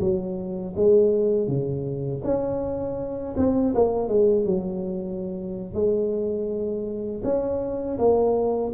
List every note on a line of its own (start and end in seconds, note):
0.00 0.74 F#3
0.76 1.47 G#3
1.47 2.22 C#3
2.24 3.35 C#4
3.37 3.74 C4
3.74 4.08 A#3
4.08 4.45 G#3
4.45 5.74 F#3
5.74 7.22 G#3
7.24 7.98 C#4
7.98 8.72 A#3